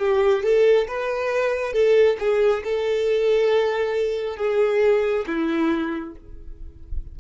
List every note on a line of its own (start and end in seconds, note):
0.00 0.44 G4
0.44 0.88 A4
0.88 1.73 B4
1.73 2.17 A4
2.19 2.64 G#4
2.64 4.38 A4
4.38 5.26 G#4
5.27 6.16 E4